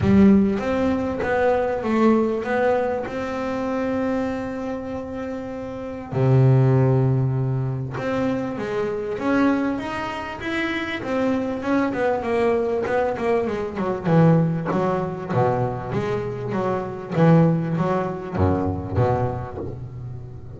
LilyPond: \new Staff \with { instrumentName = "double bass" } { \time 4/4 \tempo 4 = 98 g4 c'4 b4 a4 | b4 c'2.~ | c'2 c2~ | c4 c'4 gis4 cis'4 |
dis'4 e'4 c'4 cis'8 b8 | ais4 b8 ais8 gis8 fis8 e4 | fis4 b,4 gis4 fis4 | e4 fis4 fis,4 b,4 | }